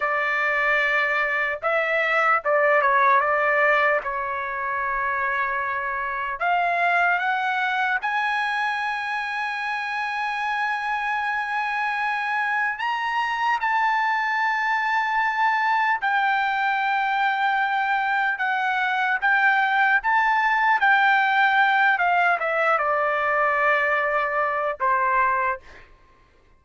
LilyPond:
\new Staff \with { instrumentName = "trumpet" } { \time 4/4 \tempo 4 = 75 d''2 e''4 d''8 cis''8 | d''4 cis''2. | f''4 fis''4 gis''2~ | gis''1 |
ais''4 a''2. | g''2. fis''4 | g''4 a''4 g''4. f''8 | e''8 d''2~ d''8 c''4 | }